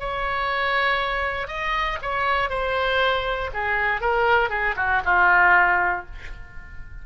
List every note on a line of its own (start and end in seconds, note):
0.00 1.48 C#5
1.48 1.98 D#5
2.02 2.50 C#5
2.50 3.51 C5
3.54 4.01 G#4
4.01 4.50 A#4
4.50 4.75 G#4
4.77 5.02 F#4
5.05 6.06 F4